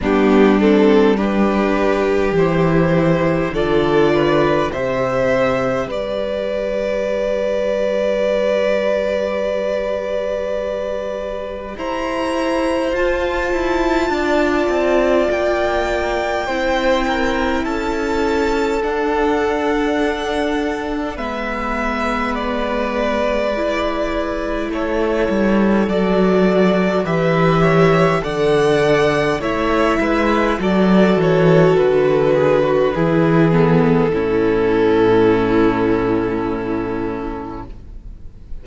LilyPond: <<
  \new Staff \with { instrumentName = "violin" } { \time 4/4 \tempo 4 = 51 g'8 a'8 b'4 c''4 d''4 | e''4 d''2.~ | d''2 ais''4 a''4~ | a''4 g''2 a''4 |
fis''2 e''4 d''4~ | d''4 cis''4 d''4 e''4 | fis''4 e''4 d''8 cis''8 b'4~ | b'8 a'2.~ a'8 | }
  \new Staff \with { instrumentName = "violin" } { \time 4/4 d'4 g'2 a'8 b'8 | c''4 b'2.~ | b'2 c''2 | d''2 c''8 ais'8 a'4~ |
a'2 b'2~ | b'4 a'2 b'8 cis''8 | d''4 cis''8 b'8 a'4. gis'16 fis'16 | gis'4 e'2. | }
  \new Staff \with { instrumentName = "viola" } { \time 4/4 b8 c'8 d'4 e'4 f'4 | g'1~ | g'2. f'4~ | f'2 e'2 |
d'2 b2 | e'2 fis'4 g'4 | a'4 e'4 fis'2 | e'8 b8 cis'2. | }
  \new Staff \with { instrumentName = "cello" } { \time 4/4 g2 e4 d4 | c4 g2.~ | g2 e'4 f'8 e'8 | d'8 c'8 ais4 c'4 cis'4 |
d'2 gis2~ | gis4 a8 g8 fis4 e4 | d4 a8 gis8 fis8 e8 d4 | e4 a,2. | }
>>